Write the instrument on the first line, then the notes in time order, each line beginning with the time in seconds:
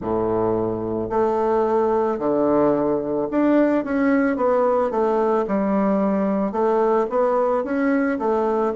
bassoon
0.00 A2
1.09 A3
2.18 D3
3.30 D4
3.84 C#4
4.36 B3
4.90 A3
5.47 G3
6.52 A3
7.09 B3
7.64 C#4
8.18 A3